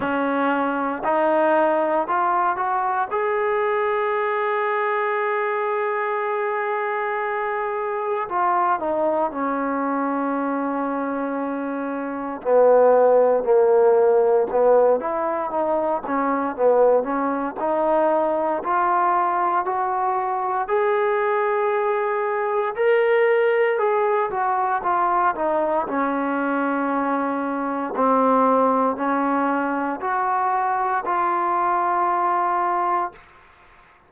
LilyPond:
\new Staff \with { instrumentName = "trombone" } { \time 4/4 \tempo 4 = 58 cis'4 dis'4 f'8 fis'8 gis'4~ | gis'1 | f'8 dis'8 cis'2. | b4 ais4 b8 e'8 dis'8 cis'8 |
b8 cis'8 dis'4 f'4 fis'4 | gis'2 ais'4 gis'8 fis'8 | f'8 dis'8 cis'2 c'4 | cis'4 fis'4 f'2 | }